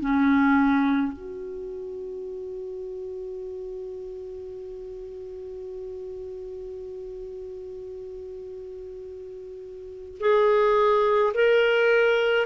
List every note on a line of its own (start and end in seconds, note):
0.00 1.13 C#4
1.13 10.18 F#4
10.20 11.33 G#4
11.35 12.46 A#4